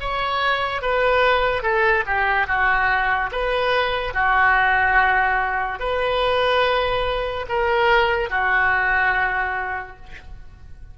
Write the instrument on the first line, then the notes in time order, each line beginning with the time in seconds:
oboe
0.00 C#5
0.82 B4
1.62 A4
2.06 G4
2.47 F#4
3.32 B4
4.14 F#4
5.80 B4
7.48 A#4
8.30 F#4